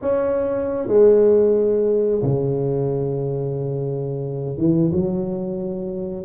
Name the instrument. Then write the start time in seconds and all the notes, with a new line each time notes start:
tuba
0.01 C#4
0.87 G#3
2.22 C#3
4.57 E3
4.92 F#3